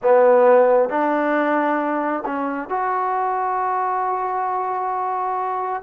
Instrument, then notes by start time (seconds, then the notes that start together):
trombone
0.02 B3
0.89 D4
2.26 C#4
2.69 F#4